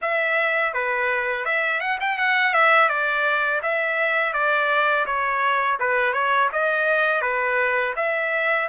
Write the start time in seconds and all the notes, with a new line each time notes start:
0.01 E5
0.73 B4
1.45 E5
1.80 F#5
2.00 G5
2.18 F#5
2.53 E5
2.88 D5
3.62 E5
4.33 D5
5.05 C#5
5.79 B4
6.12 C#5
6.52 D#5
7.21 B4
7.96 E5